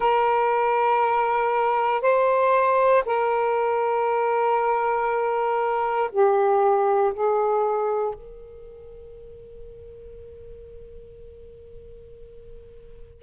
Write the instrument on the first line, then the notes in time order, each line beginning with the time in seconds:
saxophone
0.00 A#4
2.01 C5
3.05 A#4
6.11 G4
7.13 G#4
8.14 A#4